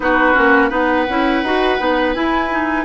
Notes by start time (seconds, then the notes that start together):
0.00 B3 D#4 F#4 B4
0.34 A#3 C#4
0.69 B3 D#4 B4 F#5
1.09 C#4 E4
1.42 D#4 F#4
1.79 B3 D#4
2.14 E4 G#5
2.50 D#4